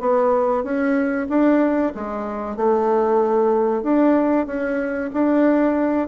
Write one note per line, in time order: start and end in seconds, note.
0.00 0.64 B3
0.64 1.27 C#4
1.29 1.93 D4
1.95 2.56 G#3
2.56 3.83 A3
3.83 4.46 D4
4.46 5.10 C#4
5.13 6.08 D4